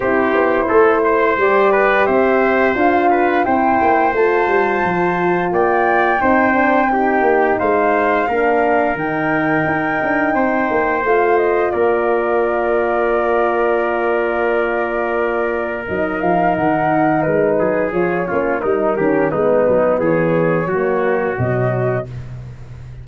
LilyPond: <<
  \new Staff \with { instrumentName = "flute" } { \time 4/4 \tempo 4 = 87 c''2 d''4 e''4 | f''4 g''4 a''2 | g''2. f''4~ | f''4 g''2. |
f''8 dis''8 d''2.~ | d''2. dis''8 f''8 | fis''4 b'4 cis''4 ais'4 | b'4 cis''2 dis''4 | }
  \new Staff \with { instrumentName = "trumpet" } { \time 4/4 g'4 a'8 c''4 b'8 c''4~ | c''8 b'8 c''2. | d''4 c''4 g'4 c''4 | ais'2. c''4~ |
c''4 ais'2.~ | ais'1~ | ais'4. gis'4 f'8 dis'8 g'8 | dis'4 gis'4 fis'2 | }
  \new Staff \with { instrumentName = "horn" } { \time 4/4 e'2 g'2 | f'4 e'4 f'2~ | f'4 dis'8 d'8 dis'2 | d'4 dis'2. |
f'1~ | f'2. dis'4~ | dis'2 f'8 cis'8 dis'8 cis'8 | b2 ais4 fis4 | }
  \new Staff \with { instrumentName = "tuba" } { \time 4/4 c'8 b8 a4 g4 c'4 | d'4 c'8 ais8 a8 g8 f4 | ais4 c'4. ais8 gis4 | ais4 dis4 dis'8 d'8 c'8 ais8 |
a4 ais2.~ | ais2. fis8 f8 | dis4 gis8 fis8 f8 ais8 g8 dis8 | gis8 fis8 e4 fis4 b,4 | }
>>